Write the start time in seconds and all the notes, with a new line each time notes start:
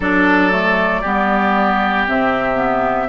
0.00 F#3 D4 A4 D5
0.51 A3
1.01 G3 B3 G4
2.07 C3 C4 E5
2.55 B3